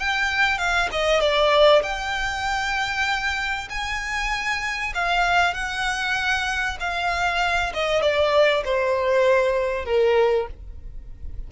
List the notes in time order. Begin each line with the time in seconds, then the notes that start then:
0.00 G5
0.58 F5
0.92 D#5
1.21 D5
1.83 G5
3.69 G#5
4.94 F5
5.54 F#5
6.80 F5
7.73 D#5
8.02 D5
8.65 C5
9.85 A#4